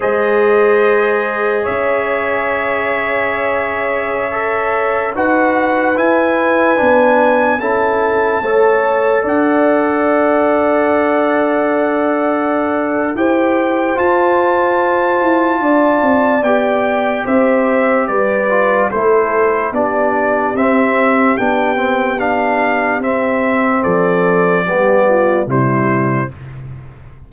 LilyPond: <<
  \new Staff \with { instrumentName = "trumpet" } { \time 4/4 \tempo 4 = 73 dis''2 e''2~ | e''2~ e''16 fis''4 gis''8.~ | gis''4~ gis''16 a''2 fis''8.~ | fis''1 |
g''4 a''2. | g''4 e''4 d''4 c''4 | d''4 e''4 g''4 f''4 | e''4 d''2 c''4 | }
  \new Staff \with { instrumentName = "horn" } { \time 4/4 c''2 cis''2~ | cis''2~ cis''16 b'4.~ b'16~ | b'4~ b'16 a'4 cis''4 d''8.~ | d''1 |
c''2. d''4~ | d''4 c''4 b'4 a'4 | g'1~ | g'4 a'4 g'8 f'8 e'4 | }
  \new Staff \with { instrumentName = "trombone" } { \time 4/4 gis'1~ | gis'4~ gis'16 a'4 fis'4 e'8.~ | e'16 d'4 e'4 a'4.~ a'16~ | a'1 |
g'4 f'2. | g'2~ g'8 f'8 e'4 | d'4 c'4 d'8 c'8 d'4 | c'2 b4 g4 | }
  \new Staff \with { instrumentName = "tuba" } { \time 4/4 gis2 cis'2~ | cis'2~ cis'16 dis'4 e'8.~ | e'16 b4 cis'4 a4 d'8.~ | d'1 |
e'4 f'4. e'8 d'8 c'8 | b4 c'4 g4 a4 | b4 c'4 b2 | c'4 f4 g4 c4 | }
>>